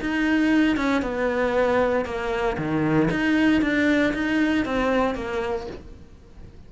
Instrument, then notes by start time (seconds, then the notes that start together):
cello
0.00 D#4
0.76 C#4
1.02 B3
2.05 A#3
2.57 D#3
3.10 D#4
3.61 D4
4.13 D#4
4.65 C4
5.15 A#3